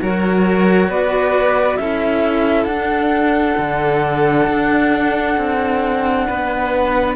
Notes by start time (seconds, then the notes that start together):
0.00 F#3 F#4 A#4 C#5
0.89 B3 B4 D5
1.77 C#4 E4 A4 E5
2.64 D4 F#5
3.58 D3
4.47 D4
5.37 C4
6.28 B3 B4